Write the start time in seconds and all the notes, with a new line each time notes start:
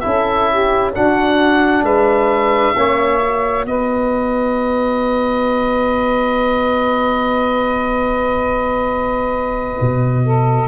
0.00 C#4 E4 A4 E5
0.51 G4
0.92 D4 F#4 F#5
1.83 G#3 B4 E5
2.76 A#3 C#4 C#5
3.21 F#4
3.66 B3 B4 D#5
9.81 B2
10.25 A4